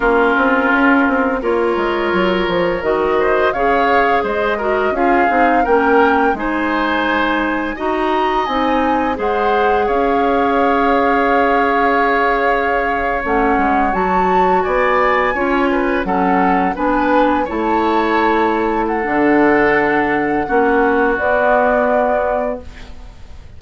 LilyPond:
<<
  \new Staff \with { instrumentName = "flute" } { \time 4/4 \tempo 4 = 85 ais'2 cis''2 | dis''4 f''4 dis''4 f''4 | g''4 gis''2 ais''4 | gis''4 fis''4 f''2~ |
f''2~ f''8. fis''4 a''16~ | a''8. gis''2 fis''4 gis''16~ | gis''8. a''2 fis''4~ fis''16~ | fis''2 d''2 | }
  \new Staff \with { instrumentName = "oboe" } { \time 4/4 f'2 ais'2~ | ais'8 c''8 cis''4 c''8 ais'8 gis'4 | ais'4 c''2 dis''4~ | dis''4 c''4 cis''2~ |
cis''1~ | cis''8. d''4 cis''8 b'8 a'4 b'16~ | b'8. cis''2 a'4~ a'16~ | a'4 fis'2. | }
  \new Staff \with { instrumentName = "clarinet" } { \time 4/4 cis'2 f'2 | fis'4 gis'4. fis'8 f'8 dis'8 | cis'4 dis'2 fis'4 | dis'4 gis'2.~ |
gis'2~ gis'8. cis'4 fis'16~ | fis'4.~ fis'16 f'4 cis'4 d'16~ | d'8. e'2~ e'16 d'4~ | d'4 cis'4 b2 | }
  \new Staff \with { instrumentName = "bassoon" } { \time 4/4 ais8 c'8 cis'8 c'8 ais8 gis8 fis8 f8 | dis4 cis4 gis4 cis'8 c'8 | ais4 gis2 dis'4 | c'4 gis4 cis'2~ |
cis'2~ cis'8. a8 gis8 fis16~ | fis8. b4 cis'4 fis4 b16~ | b8. a2~ a16 d4~ | d4 ais4 b2 | }
>>